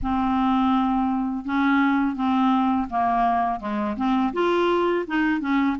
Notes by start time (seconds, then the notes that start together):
0.02 C4
1.45 C#4
2.15 C4
2.89 A#3
3.60 G#3
3.96 C4
4.33 F4
5.07 D#4
5.40 C#4